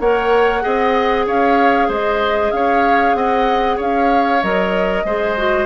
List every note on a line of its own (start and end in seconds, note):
0.00 0.63 A#3
0.00 0.62 A#4
0.00 0.63 C#5
0.00 1.27 F#5
0.62 1.27 C4
0.62 4.41 G#4
0.62 1.26 D#5
1.26 1.89 C#4
1.26 1.88 C#5
1.26 1.91 F5
1.88 2.52 G#3
1.88 2.51 C5
1.88 2.52 D#5
2.52 3.14 C#4
2.52 3.17 C#5
2.52 3.15 F5
3.14 3.77 C4
3.14 3.77 D#5
3.14 3.78 F#5
3.77 4.43 C#4
3.77 5.03 C#5
3.77 4.43 F5
4.43 5.04 F#3
4.43 5.06 A#4
4.43 5.66 D#5
5.04 5.66 G#3
5.04 5.37 G#4
5.04 5.66 C5
5.37 5.66 F#4